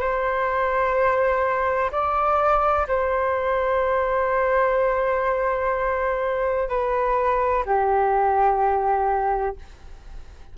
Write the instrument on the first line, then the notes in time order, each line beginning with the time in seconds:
flute
0.00 C5
1.91 D5
2.87 C5
6.68 B4
7.65 G4